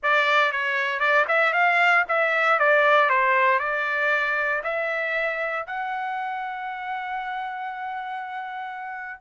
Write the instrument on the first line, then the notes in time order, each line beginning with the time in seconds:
trumpet
0.03 D5
0.52 C#5
0.99 D5
1.28 E5
1.53 F5
2.08 E5
2.59 D5
3.09 C5
3.59 D5
4.63 E5
5.66 F#5